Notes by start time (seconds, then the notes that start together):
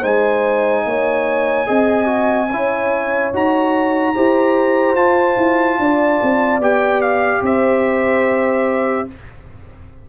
0.00 G#3 D#4 C5 G#5
0.85 A#3 C#5
1.66 C4 G#4 D#5
2.06 F#4
2.50 C#4 E4 C#5
3.33 D#4 F#4 A#5
4.15 E4 G4 C5
4.94 F4 A5
5.37 E4
5.79 D4 D5
6.22 C4
6.59 B3 G4 G5
7.01 F5
7.41 C4 C5 E5